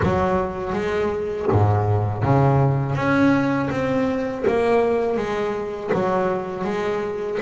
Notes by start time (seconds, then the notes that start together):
0.02 F#3
0.72 G#3
1.52 G#2
2.23 C#3
2.95 C#4
3.70 C4
4.47 A#3
5.16 G#3
5.93 F#3
6.64 G#3